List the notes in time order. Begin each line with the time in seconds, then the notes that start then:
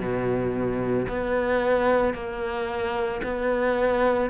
0.00 B2
1.09 B3
2.14 A#3
3.24 B3